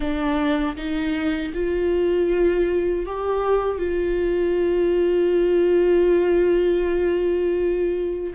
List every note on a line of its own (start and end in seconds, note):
0.00 0.76 D4
0.76 1.52 D#4
1.54 3.06 F4
3.06 3.78 G4
3.78 8.33 F4